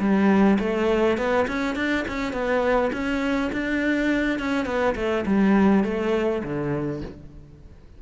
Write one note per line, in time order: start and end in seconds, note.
0.00 0.58 G3
0.60 1.18 A3
1.18 1.47 B3
1.48 1.76 C#4
1.76 2.05 D4
2.08 2.33 C#4
2.33 2.92 B3
2.93 3.51 C#4
3.53 4.40 D4
4.40 4.66 C#4
4.66 4.95 B3
4.96 5.25 A3
5.26 5.84 G3
5.84 6.43 A3
6.44 7.02 D3